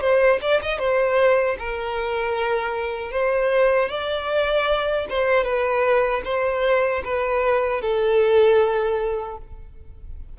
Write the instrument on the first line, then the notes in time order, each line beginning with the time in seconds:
violin
0.00 C5
0.41 D5
0.62 D#5
0.78 C5
1.59 A#4
3.11 C5
3.89 D5
5.09 C5
5.43 B4
6.24 C5
7.04 B4
7.81 A4